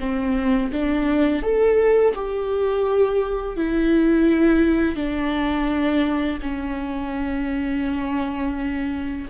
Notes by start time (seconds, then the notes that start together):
0.00 C4
0.72 D4
1.43 A4
2.15 G4
3.57 E4
4.96 D4
6.42 C#4